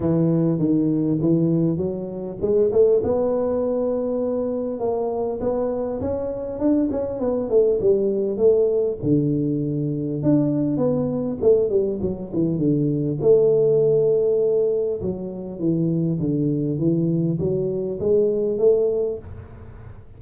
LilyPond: \new Staff \with { instrumentName = "tuba" } { \time 4/4 \tempo 4 = 100 e4 dis4 e4 fis4 | gis8 a8 b2. | ais4 b4 cis'4 d'8 cis'8 | b8 a8 g4 a4 d4~ |
d4 d'4 b4 a8 g8 | fis8 e8 d4 a2~ | a4 fis4 e4 d4 | e4 fis4 gis4 a4 | }